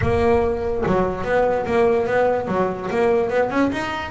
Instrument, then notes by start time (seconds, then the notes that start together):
double bass
0.01 A#3
0.86 F#3
1.24 B3
1.66 A#3
2.06 B3
2.47 F#3
2.90 A#3
3.29 B3
3.50 C#4
3.72 D#4